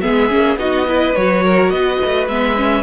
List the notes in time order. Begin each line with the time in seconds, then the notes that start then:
0.00 G#3 B3 G#4 E5
0.29 A#3 C#4
0.56 B3 D#4 F#4 D#5
0.87 E4 B4
1.15 F#3 F#4 C#5
1.44 A#4
1.70 B3 B4 D#5
2.04 A3
2.27 G#3 B3 E5
2.56 C#4